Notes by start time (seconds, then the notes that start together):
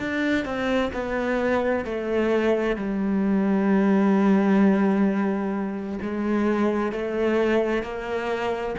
0.00 D4
0.46 C4
0.94 B3
1.85 A3
2.77 G3
6.03 G#3
6.93 A3
7.83 A#3